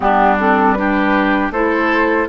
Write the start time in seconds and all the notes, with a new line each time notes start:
0.00 G3 B3 D4 G4
0.38 C4 A4
0.72 D4 G4 B4
1.50 A3 E4 A4 C5